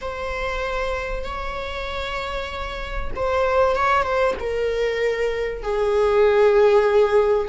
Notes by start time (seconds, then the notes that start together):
0.01 C5
1.23 C#5
3.15 C5
3.75 C#5
4.03 C5
4.39 A#4
5.62 G#4